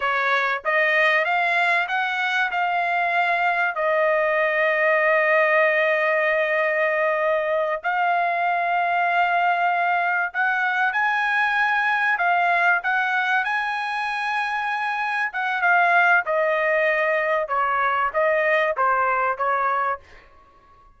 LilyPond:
\new Staff \with { instrumentName = "trumpet" } { \time 4/4 \tempo 4 = 96 cis''4 dis''4 f''4 fis''4 | f''2 dis''2~ | dis''1~ | dis''8 f''2.~ f''8~ |
f''8 fis''4 gis''2 f''8~ | f''8 fis''4 gis''2~ gis''8~ | gis''8 fis''8 f''4 dis''2 | cis''4 dis''4 c''4 cis''4 | }